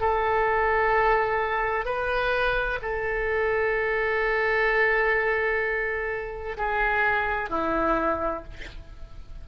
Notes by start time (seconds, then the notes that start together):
0.00 A4
1.85 B4
2.82 A4
6.57 G#4
7.50 E4